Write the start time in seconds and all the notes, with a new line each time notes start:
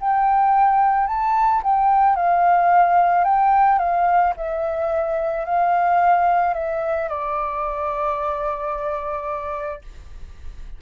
0.00 G5
1.07 A5
1.63 G5
2.16 F5
3.24 G5
3.79 F5
4.36 E5
5.45 F5
6.54 E5
7.09 D5